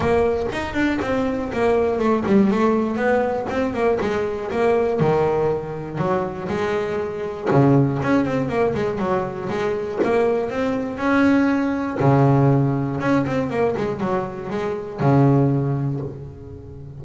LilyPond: \new Staff \with { instrumentName = "double bass" } { \time 4/4 \tempo 4 = 120 ais4 dis'8 d'8 c'4 ais4 | a8 g8 a4 b4 c'8 ais8 | gis4 ais4 dis2 | fis4 gis2 cis4 |
cis'8 c'8 ais8 gis8 fis4 gis4 | ais4 c'4 cis'2 | cis2 cis'8 c'8 ais8 gis8 | fis4 gis4 cis2 | }